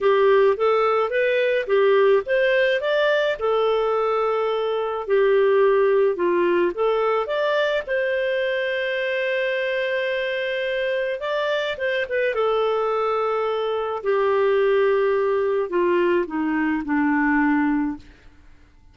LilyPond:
\new Staff \with { instrumentName = "clarinet" } { \time 4/4 \tempo 4 = 107 g'4 a'4 b'4 g'4 | c''4 d''4 a'2~ | a'4 g'2 f'4 | a'4 d''4 c''2~ |
c''1 | d''4 c''8 b'8 a'2~ | a'4 g'2. | f'4 dis'4 d'2 | }